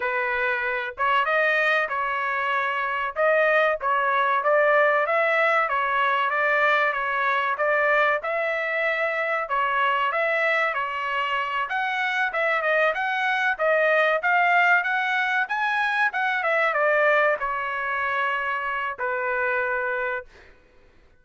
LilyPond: \new Staff \with { instrumentName = "trumpet" } { \time 4/4 \tempo 4 = 95 b'4. cis''8 dis''4 cis''4~ | cis''4 dis''4 cis''4 d''4 | e''4 cis''4 d''4 cis''4 | d''4 e''2 cis''4 |
e''4 cis''4. fis''4 e''8 | dis''8 fis''4 dis''4 f''4 fis''8~ | fis''8 gis''4 fis''8 e''8 d''4 cis''8~ | cis''2 b'2 | }